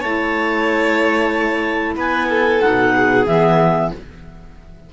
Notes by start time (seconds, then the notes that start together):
0.00 A3 E4 C#5 A5
1.96 B3 B4 G#5
2.29 A4
2.61 B2 D#4 F#5
2.95 G#4
3.26 E3 B3 E5